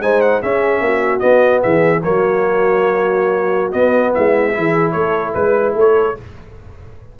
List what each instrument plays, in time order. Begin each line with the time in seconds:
0.00 tuba G#3, trombone D#4, horn C5, trumpet G#5
0.21 trumpet F#5
0.42 trombone C#4, tuba C#4, horn G#4, trumpet E5
0.81 tuba A#3, horn F#4
1.19 trombone B3, tuba B3, trumpet D#5
1.62 tuba E3, horn G#4, trumpet E5
2.03 tuba F#3, trombone A#3, horn F#4, trumpet C#5
3.72 trombone B3, tuba B3, trumpet D#5
4.14 tuba G#3, horn E4, trumpet E5
4.53 tuba E3, trombone E4, horn G#4
4.91 tuba A3, horn A4, trumpet C#5
5.34 tuba G#3, trumpet B4, horn B4
5.75 tuba A3, horn A4, trumpet C#5